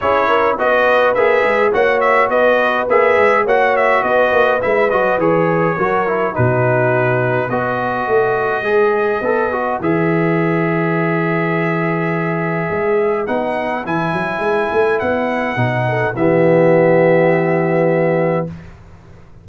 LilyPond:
<<
  \new Staff \with { instrumentName = "trumpet" } { \time 4/4 \tempo 4 = 104 cis''4 dis''4 e''4 fis''8 e''8 | dis''4 e''4 fis''8 e''8 dis''4 | e''8 dis''8 cis''2 b'4~ | b'4 dis''2.~ |
dis''4 e''2.~ | e''2. fis''4 | gis''2 fis''2 | e''1 | }
  \new Staff \with { instrumentName = "horn" } { \time 4/4 gis'8 ais'8 b'2 cis''4 | b'2 cis''4 b'4~ | b'2 ais'4 fis'4~ | fis'4 b'2.~ |
b'1~ | b'1~ | b'2.~ b'8 a'8 | g'1 | }
  \new Staff \with { instrumentName = "trombone" } { \time 4/4 e'4 fis'4 gis'4 fis'4~ | fis'4 gis'4 fis'2 | e'8 fis'8 gis'4 fis'8 e'8 dis'4~ | dis'4 fis'2 gis'4 |
a'8 fis'8 gis'2.~ | gis'2. dis'4 | e'2. dis'4 | b1 | }
  \new Staff \with { instrumentName = "tuba" } { \time 4/4 cis'4 b4 ais8 gis8 ais4 | b4 ais8 gis8 ais4 b8 ais8 | gis8 fis8 e4 fis4 b,4~ | b,4 b4 a4 gis4 |
b4 e2.~ | e2 gis4 b4 | e8 fis8 gis8 a8 b4 b,4 | e1 | }
>>